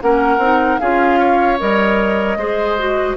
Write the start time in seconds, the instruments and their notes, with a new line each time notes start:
0.00 bassoon A#3, clarinet C#4, oboe A#4, flute F#5
0.37 bassoon C4, clarinet D#4
0.79 bassoon C#4, clarinet F4, oboe G#4, flute F5
1.19 oboe C#5
1.58 bassoon G3, clarinet A#4, flute D#5
2.36 bassoon G#3, clarinet G#4, oboe C5
2.78 clarinet F#4